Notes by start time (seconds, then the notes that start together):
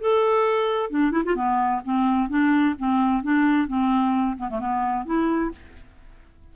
0.00 A4
0.90 D4
1.11 E4
1.25 F4
1.35 B3
1.84 C4
2.29 D4
2.78 C4
3.22 D4
3.68 C4
4.37 B3
4.49 A3
4.59 B3
5.05 E4